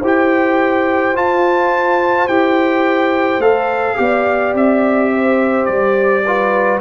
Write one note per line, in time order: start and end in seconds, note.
0.00 1.14 E4
0.00 1.15 G4
0.00 3.96 C5
0.07 1.17 G5
1.14 2.28 F4
1.14 2.28 A5
2.28 3.38 E4
2.28 3.41 G4
2.28 3.41 G5
3.38 3.95 A3
3.38 3.96 A4
3.38 4.54 F5
3.96 4.54 B3
3.96 6.22 G4
3.96 5.13 D5
4.54 5.67 C4
4.54 5.66 E5
5.13 6.25 C5
5.66 6.81 G3
5.66 6.79 D5
6.25 6.81 F4
6.25 6.81 B4